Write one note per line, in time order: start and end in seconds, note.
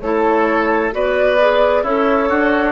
0.00 0.92 A3
0.00 0.91 E4
0.00 0.94 A4
0.00 0.91 C#5
0.91 1.83 B3
0.91 1.37 F#4
0.91 1.83 B4
0.91 1.85 D5
1.40 1.86 G#4
1.83 2.29 C#4
1.83 2.28 E4
1.83 2.72 A4
1.83 2.72 C#5
2.29 2.72 D4
2.29 2.72 F#4